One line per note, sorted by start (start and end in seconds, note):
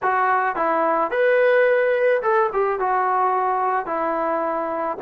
0.02 0.55 F#4
0.55 1.10 E4
1.10 2.21 B4
2.22 2.50 A4
2.52 2.79 G4
2.79 3.86 F#4
3.86 4.97 E4